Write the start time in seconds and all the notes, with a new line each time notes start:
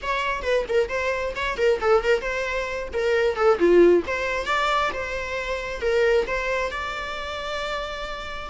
0.02 C#5
0.42 B4
0.68 A#4
0.88 C5
1.35 C#5
1.57 A#4
1.81 A4
2.03 A#4
2.21 C5
2.93 A#4
3.36 A4
3.58 F4
4.06 C5
4.46 D5
4.93 C5
5.81 A#4
6.26 C5
6.71 D5